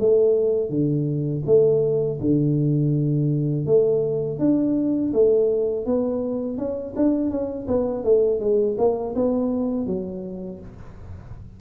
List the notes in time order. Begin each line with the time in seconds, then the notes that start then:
0.00 A3
0.70 D3
1.46 A3
2.21 D3
3.66 A3
4.39 D4
5.14 A3
5.86 B3
6.58 C#4
6.96 D4
7.31 C#4
7.68 B3
8.05 A3
8.40 G#3
8.78 A#3
9.16 B3
9.87 F#3